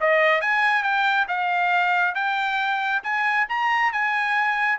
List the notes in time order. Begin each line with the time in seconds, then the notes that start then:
0.00 D#5
0.41 G#5
0.83 G5
1.28 F5
2.14 G5
3.03 G#5
3.48 A#5
3.92 G#5